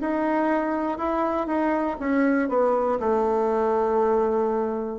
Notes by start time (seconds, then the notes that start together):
0.00 D#4
0.98 E4
1.47 D#4
1.99 C#4
2.48 B3
3.00 A3